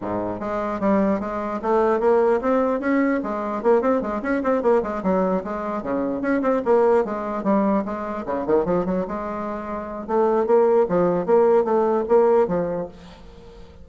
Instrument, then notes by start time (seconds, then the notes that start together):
bassoon
0.01 G#2
0.39 G#3
0.80 G3
1.20 G#3
1.62 A3
2.00 A#3
2.41 C4
2.80 C#4
3.23 G#3
3.62 A#3
3.81 C4
4.01 G#3
4.22 C#4
4.43 C4
4.62 A#3
4.82 G#3
5.03 F#3
5.43 G#3
5.82 C#3
6.21 C#4
6.41 C4
6.64 A#3
7.05 G#3
7.43 G3
7.85 G#3
8.26 C#3
8.46 D#3
8.65 F3
8.85 F#3
9.07 G#3
10.07 A3
10.46 A#3
10.89 F3
11.26 A#3
11.64 A3
12.08 A#3
12.47 F3